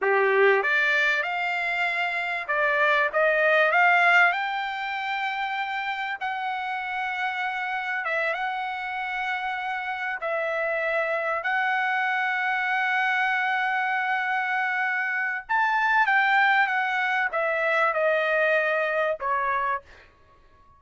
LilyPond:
\new Staff \with { instrumentName = "trumpet" } { \time 4/4 \tempo 4 = 97 g'4 d''4 f''2 | d''4 dis''4 f''4 g''4~ | g''2 fis''2~ | fis''4 e''8 fis''2~ fis''8~ |
fis''8 e''2 fis''4.~ | fis''1~ | fis''4 a''4 g''4 fis''4 | e''4 dis''2 cis''4 | }